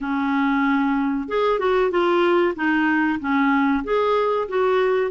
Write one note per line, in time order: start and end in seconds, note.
0.00 1.28 C#4
1.28 1.59 G#4
1.59 1.90 F#4
1.90 2.54 F4
2.55 3.19 D#4
3.19 3.83 C#4
3.84 4.47 G#4
4.48 5.11 F#4